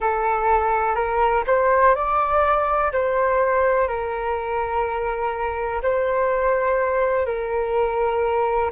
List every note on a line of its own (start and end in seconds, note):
0.00 0.95 A4
0.95 1.43 A#4
1.46 1.95 C5
1.95 2.92 D5
2.92 3.88 C5
3.88 5.81 A#4
5.82 7.25 C5
7.25 8.71 A#4